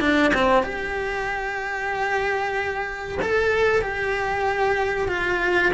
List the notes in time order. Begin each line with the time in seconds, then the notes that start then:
0.00 D4
0.34 C4
0.63 G4
3.21 A4
3.82 G4
5.08 F4